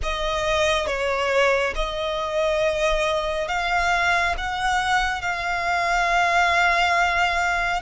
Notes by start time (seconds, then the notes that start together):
0.02 D#5
0.87 C#5
1.75 D#5
3.48 F5
4.37 F#5
5.21 F5